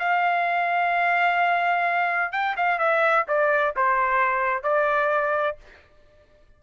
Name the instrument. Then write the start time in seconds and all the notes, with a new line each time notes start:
trumpet
0.00 F5
2.32 G5
2.57 F5
2.79 E5
3.28 D5
3.76 C5
4.64 D5